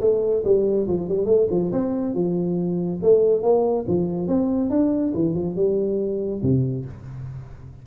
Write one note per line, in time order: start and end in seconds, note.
0.00 0.43 A3
0.44 0.87 G3
0.87 1.08 F3
1.08 1.26 G3
1.26 1.47 A3
1.50 1.71 F3
1.72 2.14 C4
2.14 3.00 F3
3.02 3.42 A3
3.42 3.85 A#3
3.88 4.28 F3
4.28 4.70 C4
4.70 5.13 D4
5.14 5.34 E3
5.34 5.56 F3
5.56 6.41 G3
6.42 6.85 C3